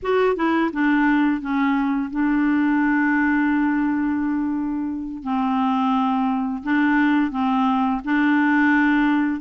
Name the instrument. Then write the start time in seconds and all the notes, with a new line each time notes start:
clarinet
0.02 F#4
0.36 E4
0.73 D4
1.41 C#4
2.10 D4
5.23 C4
6.63 D4
7.31 C4
8.04 D4